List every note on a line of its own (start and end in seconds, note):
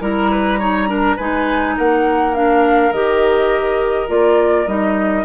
0.00 1.17 G3
0.00 0.59 E4
0.00 0.30 A#4
0.00 1.18 A#5
0.31 0.59 B4
0.59 0.87 D#4
0.59 0.88 C#5
0.87 1.16 D4
0.87 1.16 A#4
1.16 1.77 G#3
1.16 2.34 D#4
1.16 1.74 B4
1.16 1.76 G#5
1.77 2.92 A#3
1.77 5.25 A#4
1.77 2.34 F#5
2.34 2.92 D4
2.34 2.92 F5
2.92 4.08 D#3
2.92 4.07 G4
2.92 4.08 D#5
4.07 4.67 A#3
4.07 4.66 F4
4.07 4.67 D5
4.67 5.25 G3
4.67 5.25 D#4
4.67 5.25 D#5